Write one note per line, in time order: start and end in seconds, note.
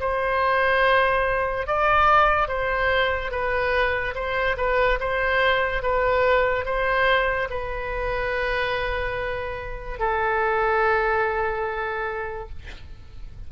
0.00 1.67 C5
1.67 2.48 D5
2.48 3.31 C5
3.31 4.14 B4
4.14 4.56 C5
4.57 4.99 B4
5.00 5.82 C5
5.82 6.65 B4
6.65 7.48 C5
7.50 9.99 B4
9.99 12.49 A4